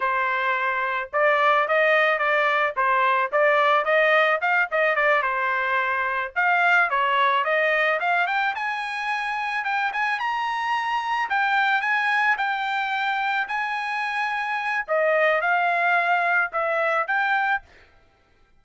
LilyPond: \new Staff \with { instrumentName = "trumpet" } { \time 4/4 \tempo 4 = 109 c''2 d''4 dis''4 | d''4 c''4 d''4 dis''4 | f''8 dis''8 d''8 c''2 f''8~ | f''8 cis''4 dis''4 f''8 g''8 gis''8~ |
gis''4. g''8 gis''8 ais''4.~ | ais''8 g''4 gis''4 g''4.~ | g''8 gis''2~ gis''8 dis''4 | f''2 e''4 g''4 | }